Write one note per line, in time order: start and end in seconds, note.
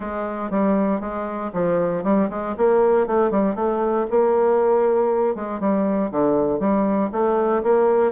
0.00 0.50 G#3
0.50 1.00 G3
1.00 1.51 G#3
1.53 2.03 F3
2.03 2.29 G3
2.30 2.55 G#3
2.57 3.06 A#3
3.06 3.31 A3
3.31 3.55 G3
3.55 4.06 A3
4.10 5.35 A#3
5.35 5.60 G#3
5.60 6.11 G3
6.11 6.59 D3
6.59 7.10 G3
7.12 7.62 A3
7.63 8.12 A#3